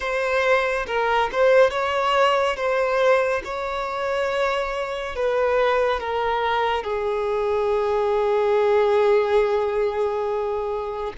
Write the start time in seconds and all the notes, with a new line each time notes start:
0.00 C5
0.86 A#4
1.32 C5
1.70 C#5
2.56 C5
3.44 C#5
5.15 B4
6.00 A#4
6.83 G#4